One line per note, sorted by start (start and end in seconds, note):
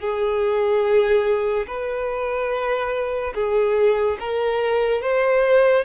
0.00 1.67 G#4
1.67 3.34 B4
3.34 4.18 G#4
4.20 5.02 A#4
5.02 5.84 C5